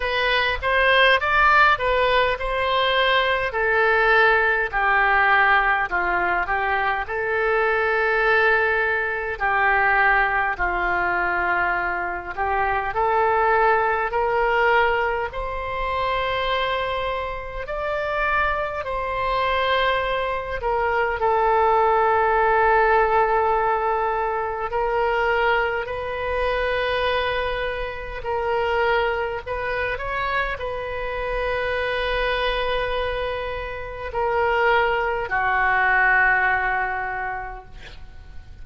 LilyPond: \new Staff \with { instrumentName = "oboe" } { \time 4/4 \tempo 4 = 51 b'8 c''8 d''8 b'8 c''4 a'4 | g'4 f'8 g'8 a'2 | g'4 f'4. g'8 a'4 | ais'4 c''2 d''4 |
c''4. ais'8 a'2~ | a'4 ais'4 b'2 | ais'4 b'8 cis''8 b'2~ | b'4 ais'4 fis'2 | }